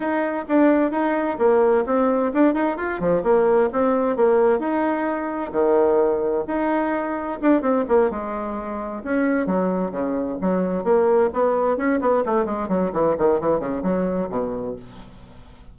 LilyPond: \new Staff \with { instrumentName = "bassoon" } { \time 4/4 \tempo 4 = 130 dis'4 d'4 dis'4 ais4 | c'4 d'8 dis'8 f'8 f8 ais4 | c'4 ais4 dis'2 | dis2 dis'2 |
d'8 c'8 ais8 gis2 cis'8~ | cis'8 fis4 cis4 fis4 ais8~ | ais8 b4 cis'8 b8 a8 gis8 fis8 | e8 dis8 e8 cis8 fis4 b,4 | }